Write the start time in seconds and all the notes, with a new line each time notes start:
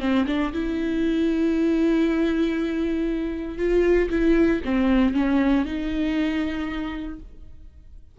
0.00 C4
0.27 D4
0.53 E4
3.58 F4
4.10 E4
4.65 C4
5.14 C#4
5.66 D#4